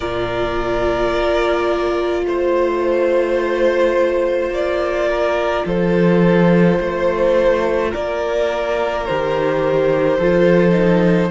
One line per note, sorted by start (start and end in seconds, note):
0.00 1.13 A#2
0.00 9.07 F4
0.00 2.21 A#4
0.00 2.25 D5
1.14 2.25 A#3
2.25 4.50 A3
2.25 4.53 C5
2.25 5.08 C5
4.50 5.63 A#3
4.50 5.67 D5
5.08 5.65 A#4
5.65 6.78 F3
5.65 6.79 A4
5.65 7.93 C5
6.80 7.93 A3
6.80 7.90 C5
7.90 9.08 A#3
7.90 10.17 A#4
7.90 9.06 D5
9.06 10.18 D#3
9.06 10.20 G4
9.06 11.30 C5
10.18 11.30 F3
10.18 10.71 F4
10.18 11.30 A4
10.71 11.27 D#4